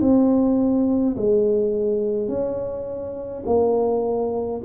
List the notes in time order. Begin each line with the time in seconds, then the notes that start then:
0.00 C4
1.16 G#3
2.28 C#4
3.46 A#3